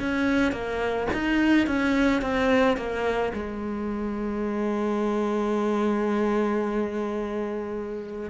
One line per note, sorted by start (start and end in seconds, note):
0.00 0.53 C#4
0.53 1.08 A#3
1.14 1.67 D#4
1.67 2.22 C#4
2.22 2.77 C4
2.77 3.33 A#3
3.34 8.30 G#3